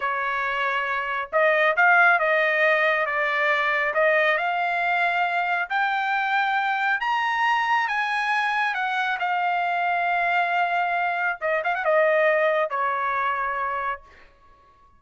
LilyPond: \new Staff \with { instrumentName = "trumpet" } { \time 4/4 \tempo 4 = 137 cis''2. dis''4 | f''4 dis''2 d''4~ | d''4 dis''4 f''2~ | f''4 g''2. |
ais''2 gis''2 | fis''4 f''2.~ | f''2 dis''8 f''16 fis''16 dis''4~ | dis''4 cis''2. | }